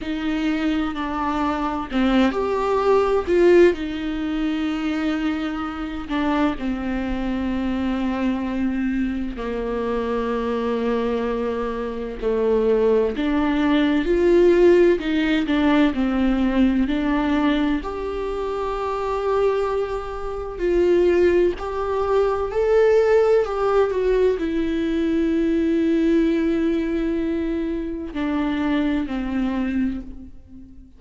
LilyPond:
\new Staff \with { instrumentName = "viola" } { \time 4/4 \tempo 4 = 64 dis'4 d'4 c'8 g'4 f'8 | dis'2~ dis'8 d'8 c'4~ | c'2 ais2~ | ais4 a4 d'4 f'4 |
dis'8 d'8 c'4 d'4 g'4~ | g'2 f'4 g'4 | a'4 g'8 fis'8 e'2~ | e'2 d'4 c'4 | }